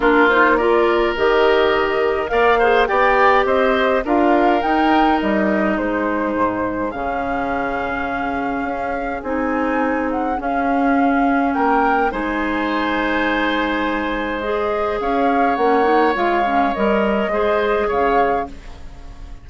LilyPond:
<<
  \new Staff \with { instrumentName = "flute" } { \time 4/4 \tempo 4 = 104 ais'8 c''8 d''4 dis''2 | f''4 g''4 dis''4 f''4 | g''4 dis''4 c''2 | f''1 |
gis''4. fis''8 f''2 | g''4 gis''2.~ | gis''4 dis''4 f''4 fis''4 | f''4 dis''2 f''4 | }
  \new Staff \with { instrumentName = "oboe" } { \time 4/4 f'4 ais'2. | d''8 c''8 d''4 c''4 ais'4~ | ais'2 gis'2~ | gis'1~ |
gis'1 | ais'4 c''2.~ | c''2 cis''2~ | cis''2 c''4 cis''4 | }
  \new Staff \with { instrumentName = "clarinet" } { \time 4/4 d'8 dis'8 f'4 g'2 | ais'8 gis'8 g'2 f'4 | dis'1 | cis'1 |
dis'2 cis'2~ | cis'4 dis'2.~ | dis'4 gis'2 cis'8 dis'8 | f'8 cis'8 ais'4 gis'2 | }
  \new Staff \with { instrumentName = "bassoon" } { \time 4/4 ais2 dis2 | ais4 b4 c'4 d'4 | dis'4 g4 gis4 gis,4 | cis2. cis'4 |
c'2 cis'2 | ais4 gis2.~ | gis2 cis'4 ais4 | gis4 g4 gis4 cis4 | }
>>